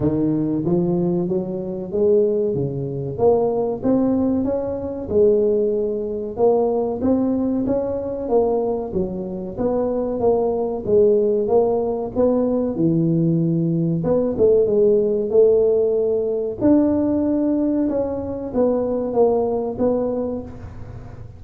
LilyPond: \new Staff \with { instrumentName = "tuba" } { \time 4/4 \tempo 4 = 94 dis4 f4 fis4 gis4 | cis4 ais4 c'4 cis'4 | gis2 ais4 c'4 | cis'4 ais4 fis4 b4 |
ais4 gis4 ais4 b4 | e2 b8 a8 gis4 | a2 d'2 | cis'4 b4 ais4 b4 | }